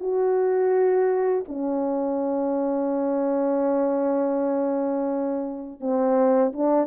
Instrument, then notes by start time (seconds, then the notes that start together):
horn
0.00 F#4
1.48 C#4
5.80 C4
6.53 D4